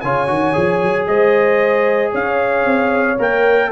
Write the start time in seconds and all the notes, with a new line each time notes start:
0.00 C#3 F4 C#5 G#5
0.27 D#3 F#4
0.53 F3 G#4
0.83 F#3
1.06 G#3 C5 D#5
2.12 C#4 C#5 F5
2.65 C4
3.19 A#3 A#4 G5